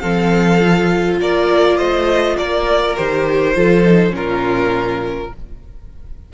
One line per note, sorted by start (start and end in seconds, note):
0.00 1.20 F3
0.00 0.61 C4
0.00 1.19 A4
0.00 1.18 F5
0.61 2.96 F4
1.20 1.79 A#3
1.20 1.77 A#4
1.20 1.78 D5
1.77 2.38 A3
1.77 2.36 C5
1.77 2.37 D#5
2.37 2.97 A#3
2.37 3.56 A#4
2.37 2.96 D5
2.96 3.56 D#3
2.96 3.55 G4
2.96 4.14 C5
3.55 4.13 F3
3.55 3.84 F4
3.55 4.15 A4
3.85 4.10 D#4
4.10 5.31 A#2
4.10 5.28 C#4
4.10 5.33 F4
4.10 5.33 A#4